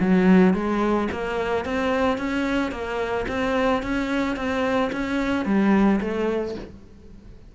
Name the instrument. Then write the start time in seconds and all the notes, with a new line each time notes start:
cello
0.00 F#3
0.53 G#3
1.12 A#3
1.65 C4
2.18 C#4
2.71 A#3
3.28 C4
3.82 C#4
4.36 C4
4.92 C#4
5.45 G3
6.00 A3